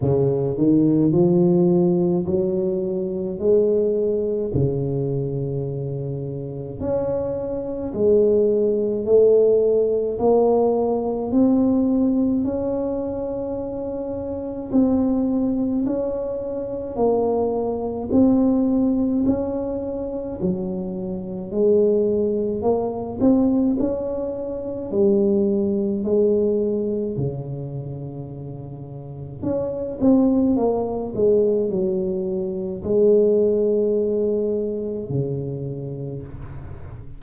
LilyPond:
\new Staff \with { instrumentName = "tuba" } { \time 4/4 \tempo 4 = 53 cis8 dis8 f4 fis4 gis4 | cis2 cis'4 gis4 | a4 ais4 c'4 cis'4~ | cis'4 c'4 cis'4 ais4 |
c'4 cis'4 fis4 gis4 | ais8 c'8 cis'4 g4 gis4 | cis2 cis'8 c'8 ais8 gis8 | fis4 gis2 cis4 | }